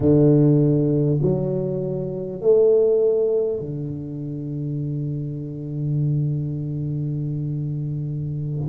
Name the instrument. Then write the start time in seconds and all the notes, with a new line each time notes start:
tuba
0.00 D3
1.22 F#3
2.41 A3
3.60 D3